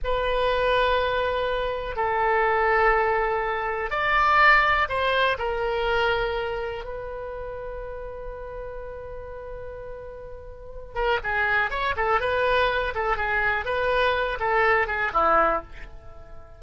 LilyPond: \new Staff \with { instrumentName = "oboe" } { \time 4/4 \tempo 4 = 123 b'1 | a'1 | d''2 c''4 ais'4~ | ais'2 b'2~ |
b'1~ | b'2~ b'8 ais'8 gis'4 | cis''8 a'8 b'4. a'8 gis'4 | b'4. a'4 gis'8 e'4 | }